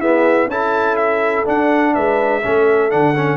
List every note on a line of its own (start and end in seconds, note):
0.00 0.50 B3
0.00 0.47 E4
0.00 0.49 G#4
0.00 0.49 E5
0.47 1.44 C#4
0.47 1.45 E4
0.47 1.94 A4
0.47 0.97 A5
0.97 1.45 E5
1.45 2.42 D4
1.45 1.96 D4
1.45 1.95 F#5
1.94 2.45 G#3
1.94 2.43 B4
1.94 2.91 E5
2.43 2.93 A3
2.43 2.91 C#4
2.43 3.37 A4
2.91 3.37 D3
2.91 3.15 D4
2.91 3.37 F#5
3.16 3.37 C#4